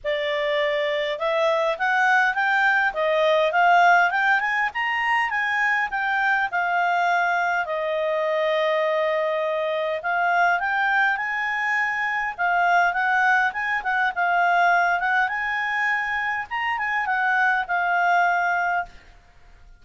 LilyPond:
\new Staff \with { instrumentName = "clarinet" } { \time 4/4 \tempo 4 = 102 d''2 e''4 fis''4 | g''4 dis''4 f''4 g''8 gis''8 | ais''4 gis''4 g''4 f''4~ | f''4 dis''2.~ |
dis''4 f''4 g''4 gis''4~ | gis''4 f''4 fis''4 gis''8 fis''8 | f''4. fis''8 gis''2 | ais''8 gis''8 fis''4 f''2 | }